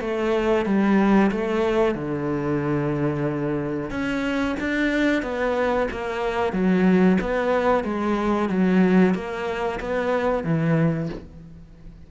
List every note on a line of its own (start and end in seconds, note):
0.00 0.65 A3
0.65 1.30 G3
1.31 1.94 A3
1.94 3.90 D3
3.90 4.55 C#4
4.60 5.22 D4
5.22 5.87 B3
5.91 6.52 A#3
6.52 7.18 F#3
7.20 7.83 B3
7.83 8.49 G#3
8.49 9.14 F#3
9.14 9.79 A#3
9.80 10.44 B3
10.44 11.09 E3